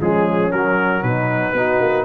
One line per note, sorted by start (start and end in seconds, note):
0.00 0.52 F3
0.00 0.52 G#3
0.00 1.02 C#4
0.00 0.51 G#4
0.51 1.03 F#3
0.51 1.56 F#3
0.51 1.03 A#4
1.02 1.53 B2
1.02 1.54 D#4
1.02 2.05 B4
1.53 1.79 B3
1.53 2.05 D#4
1.53 2.05 F#4
1.80 2.05 A#3